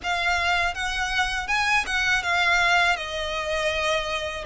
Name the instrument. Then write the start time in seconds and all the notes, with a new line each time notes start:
violin
0.03 F5
0.74 F#5
1.47 G#5
1.86 F#5
2.22 F5
2.96 D#5